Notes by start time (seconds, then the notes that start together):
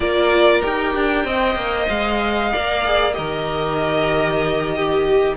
0.00 A#3 F4 A#4 D5
0.61 D#4 G4 G5
0.95 D4
1.24 C4 C5 D#5
1.55 A#3
1.88 G#3 F5
2.52 A#3 A#4 D5
2.84 G#4
3.12 G4 A#4 D#5
3.18 D#3
4.75 G4